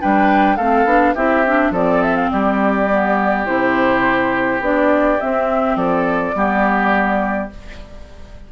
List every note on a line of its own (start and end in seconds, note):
0.00 0.57 G3
0.00 0.58 D4
0.00 0.56 B4
0.00 0.56 G5
0.56 0.85 A3
0.56 0.86 C4
0.56 1.14 A4
0.56 1.14 F5
0.85 1.13 B3
0.85 1.15 D4
1.14 1.70 C4
1.14 1.45 E4
1.14 1.72 G4
1.14 1.72 E5
1.46 1.74 D4
1.70 2.28 F3
1.70 2.89 C4
1.70 2.30 A4
1.70 2.02 D5
2.02 2.16 E5
2.16 2.30 F5
2.31 3.47 G3
2.31 5.77 G4
2.31 3.46 D5
2.90 3.45 B3
3.45 4.60 C3
3.45 4.61 E4
3.45 4.61 C5
4.60 5.17 B3
4.60 5.19 D4
4.60 5.20 D5
5.20 6.34 C4
5.20 5.76 C4
5.20 5.76 E5
5.76 6.33 F3
5.76 6.35 A4
5.76 7.49 D5
6.34 7.50 G3
6.34 7.50 B3
6.34 7.52 G4